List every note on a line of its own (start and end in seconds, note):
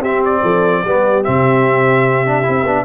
0.00 0.41 C4
0.00 0.85 C4
0.00 0.41 G4
0.00 0.24 E5
0.24 1.24 D5
0.42 0.84 F3
0.42 0.83 A4
0.84 1.25 G3
0.84 1.25 B3
0.84 2.84 G4
1.24 2.48 C3
1.24 2.26 C4
1.24 2.84 E5
2.26 2.43 D4
2.43 2.63 C4
2.43 2.63 E4
2.63 2.84 B3
2.63 2.84 D4